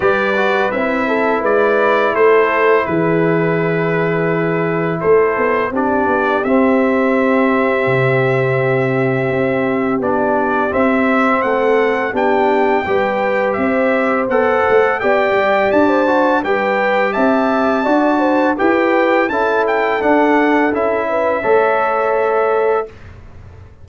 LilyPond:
<<
  \new Staff \with { instrumentName = "trumpet" } { \time 4/4 \tempo 4 = 84 d''4 e''4 d''4 c''4 | b'2. c''4 | d''4 e''2.~ | e''2 d''4 e''4 |
fis''4 g''2 e''4 | fis''4 g''4 a''4 g''4 | a''2 g''4 a''8 g''8 | fis''4 e''2. | }
  \new Staff \with { instrumentName = "horn" } { \time 4/4 b'4. a'8 b'4 a'4 | gis'2. a'4 | g'1~ | g'1 |
a'4 g'4 b'4 c''4~ | c''4 d''4~ d''16 c''8. b'4 | e''4 d''8 c''8 b'4 a'4~ | a'4. b'8 cis''2 | }
  \new Staff \with { instrumentName = "trombone" } { \time 4/4 g'8 fis'8 e'2.~ | e'1 | d'4 c'2.~ | c'2 d'4 c'4~ |
c'4 d'4 g'2 | a'4 g'4. fis'8 g'4~ | g'4 fis'4 g'4 e'4 | d'4 e'4 a'2 | }
  \new Staff \with { instrumentName = "tuba" } { \time 4/4 g4 c'4 gis4 a4 | e2. a8 b8 | c'8 b8 c'2 c4~ | c4 c'4 b4 c'4 |
a4 b4 g4 c'4 | b8 a8 b8 g8 d'4 g4 | c'4 d'4 e'4 cis'4 | d'4 cis'4 a2 | }
>>